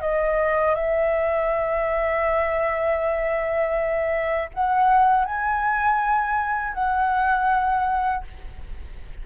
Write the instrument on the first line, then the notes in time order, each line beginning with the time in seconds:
flute
0.00 D#5
0.75 E5
4.53 F#5
5.25 G#5
6.73 F#5